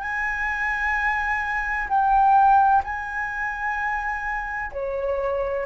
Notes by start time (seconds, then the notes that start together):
0.00 G#5
1.89 G5
2.84 G#5
4.72 C#5